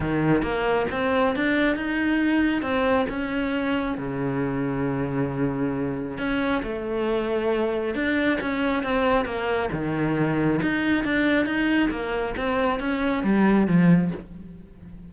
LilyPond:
\new Staff \with { instrumentName = "cello" } { \time 4/4 \tempo 4 = 136 dis4 ais4 c'4 d'4 | dis'2 c'4 cis'4~ | cis'4 cis2.~ | cis2 cis'4 a4~ |
a2 d'4 cis'4 | c'4 ais4 dis2 | dis'4 d'4 dis'4 ais4 | c'4 cis'4 g4 f4 | }